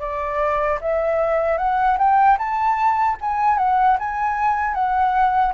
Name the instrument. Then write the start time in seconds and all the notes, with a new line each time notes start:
flute
0.00 D5
0.81 E5
1.58 F#5
1.98 G5
2.38 A5
3.21 G#5
3.58 F#5
3.99 G#5
4.74 F#5